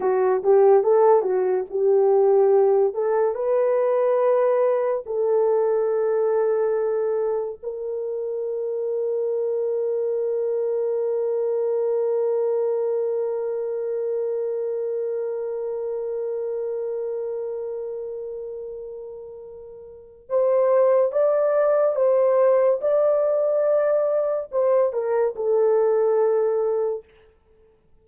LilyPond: \new Staff \with { instrumentName = "horn" } { \time 4/4 \tempo 4 = 71 fis'8 g'8 a'8 fis'8 g'4. a'8 | b'2 a'2~ | a'4 ais'2.~ | ais'1~ |
ais'1~ | ais'1 | c''4 d''4 c''4 d''4~ | d''4 c''8 ais'8 a'2 | }